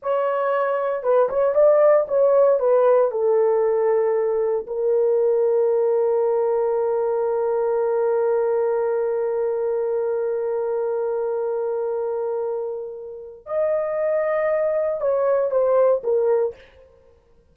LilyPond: \new Staff \with { instrumentName = "horn" } { \time 4/4 \tempo 4 = 116 cis''2 b'8 cis''8 d''4 | cis''4 b'4 a'2~ | a'4 ais'2.~ | ais'1~ |
ais'1~ | ais'1~ | ais'2 dis''2~ | dis''4 cis''4 c''4 ais'4 | }